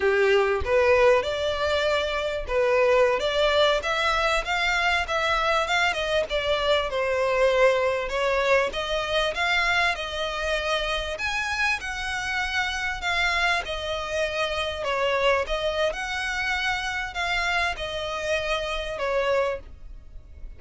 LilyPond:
\new Staff \with { instrumentName = "violin" } { \time 4/4 \tempo 4 = 98 g'4 b'4 d''2 | b'4~ b'16 d''4 e''4 f''8.~ | f''16 e''4 f''8 dis''8 d''4 c''8.~ | c''4~ c''16 cis''4 dis''4 f''8.~ |
f''16 dis''2 gis''4 fis''8.~ | fis''4~ fis''16 f''4 dis''4.~ dis''16~ | dis''16 cis''4 dis''8. fis''2 | f''4 dis''2 cis''4 | }